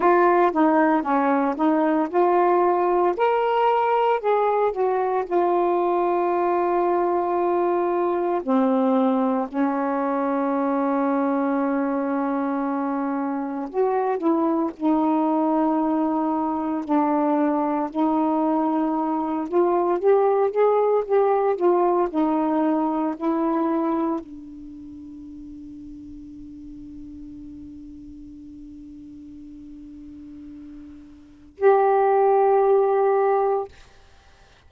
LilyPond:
\new Staff \with { instrumentName = "saxophone" } { \time 4/4 \tempo 4 = 57 f'8 dis'8 cis'8 dis'8 f'4 ais'4 | gis'8 fis'8 f'2. | c'4 cis'2.~ | cis'4 fis'8 e'8 dis'2 |
d'4 dis'4. f'8 g'8 gis'8 | g'8 f'8 dis'4 e'4 d'4~ | d'1~ | d'2 g'2 | }